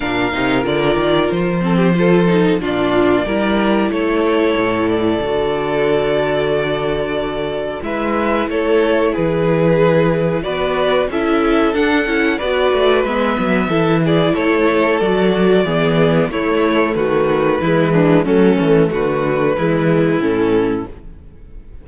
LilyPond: <<
  \new Staff \with { instrumentName = "violin" } { \time 4/4 \tempo 4 = 92 f''4 d''4 c''2 | d''2 cis''4. d''8~ | d''1 | e''4 cis''4 b'2 |
d''4 e''4 fis''4 d''4 | e''4. d''8 cis''4 d''4~ | d''4 cis''4 b'2 | a'4 b'2 a'4 | }
  \new Staff \with { instrumentName = "violin" } { \time 4/4 ais'2~ ais'8 a'16 g'16 a'4 | f'4 ais'4 a'2~ | a'1 | b'4 a'4 gis'2 |
b'4 a'2 b'4~ | b'4 a'8 gis'8 a'2 | gis'4 e'4 fis'4 e'8 d'8 | cis'4 fis'4 e'2 | }
  \new Staff \with { instrumentName = "viola" } { \time 4/4 d'8 dis'8 f'4. c'8 f'8 dis'8 | d'4 e'2. | fis'1 | e'1 |
fis'4 e'4 d'8 e'8 fis'4 | b4 e'2 fis'4 | b4 a2 gis4 | a2 gis4 cis'4 | }
  \new Staff \with { instrumentName = "cello" } { \time 4/4 ais,8 c8 d8 dis8 f2 | ais,4 g4 a4 a,4 | d1 | gis4 a4 e2 |
b4 cis'4 d'8 cis'8 b8 a8 | gis8 fis8 e4 a4 fis4 | e4 a4 dis4 e4 | fis8 e8 d4 e4 a,4 | }
>>